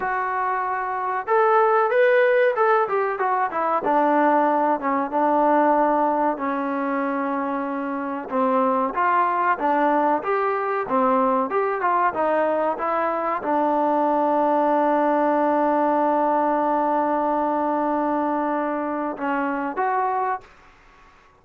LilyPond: \new Staff \with { instrumentName = "trombone" } { \time 4/4 \tempo 4 = 94 fis'2 a'4 b'4 | a'8 g'8 fis'8 e'8 d'4. cis'8 | d'2 cis'2~ | cis'4 c'4 f'4 d'4 |
g'4 c'4 g'8 f'8 dis'4 | e'4 d'2.~ | d'1~ | d'2 cis'4 fis'4 | }